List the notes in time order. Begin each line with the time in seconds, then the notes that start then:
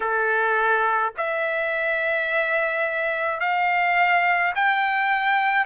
0.00 A4
1.17 E5
3.40 F5
4.55 G5